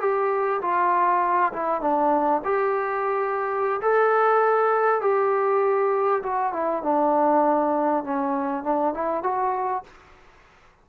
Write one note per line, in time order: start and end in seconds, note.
0.00 0.61 G4
0.61 1.52 F4
1.53 1.81 E4
1.81 2.41 D4
2.44 3.80 G4
3.81 5.01 A4
5.01 6.22 G4
6.22 6.52 F#4
6.52 6.82 E4
6.82 8.04 D4
8.04 8.63 C#4
8.63 8.94 D4
8.94 9.23 E4
9.23 9.83 F#4